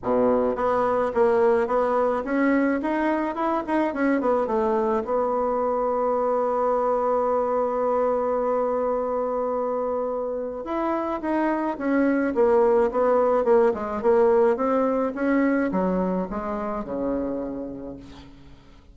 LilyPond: \new Staff \with { instrumentName = "bassoon" } { \time 4/4 \tempo 4 = 107 b,4 b4 ais4 b4 | cis'4 dis'4 e'8 dis'8 cis'8 b8 | a4 b2.~ | b1~ |
b2. e'4 | dis'4 cis'4 ais4 b4 | ais8 gis8 ais4 c'4 cis'4 | fis4 gis4 cis2 | }